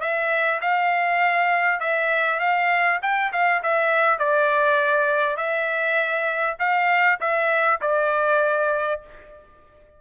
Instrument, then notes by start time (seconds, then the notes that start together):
trumpet
0.00 E5
0.61 F5
1.80 E5
2.39 F5
3.02 G5
3.32 F5
3.62 E5
4.18 D5
5.36 E5
6.59 F5
7.20 E5
7.81 D5